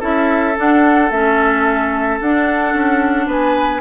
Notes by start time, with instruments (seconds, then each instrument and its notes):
0.00 bassoon C#4, clarinet E4, oboe A4, flute E5
0.57 clarinet D4, bassoon D4, flute F#5
1.11 bassoon A3, clarinet C#4, flute E5
2.21 bassoon D4, clarinet D4, flute F#5
2.74 bassoon C#4
3.27 bassoon B3, oboe B4, flute G#5